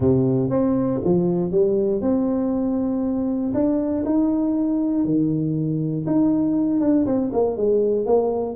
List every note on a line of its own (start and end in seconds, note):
0.00 0.50 C3
0.50 1.00 C4
1.04 1.51 F3
1.51 2.01 G3
2.01 3.52 C4
3.54 4.04 D4
4.05 5.04 D#4
5.04 6.05 D#3
6.06 6.80 D#4
6.80 7.05 D4
7.06 7.31 C4
7.32 7.56 A#3
7.56 8.05 G#3
8.05 8.55 A#3